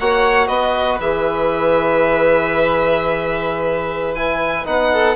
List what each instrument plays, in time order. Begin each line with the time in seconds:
0.00 bassoon A#3, trombone F#4, violin C#5 F#5
0.47 bassoon B3, violin B4 D#5
1.00 bassoon E3, trombone G#4, violin E5
4.15 trombone E4, violin G#5
4.65 bassoon B3, trombone D#4, violin F#5
4.93 violin A4